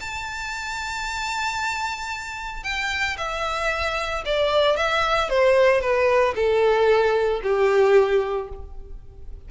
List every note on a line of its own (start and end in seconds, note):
0.00 2.63 A5
2.63 3.16 G5
3.17 4.24 E5
4.25 4.76 D5
4.76 5.30 E5
5.30 5.81 C5
5.81 6.34 B4
6.35 7.41 A4
7.43 8.49 G4